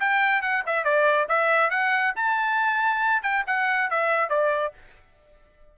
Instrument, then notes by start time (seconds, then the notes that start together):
trumpet
0.00 G5
0.42 F#5
0.67 E5
0.84 D5
1.29 E5
1.71 F#5
2.16 A5
3.23 G5
3.47 F#5
3.91 E5
4.30 D5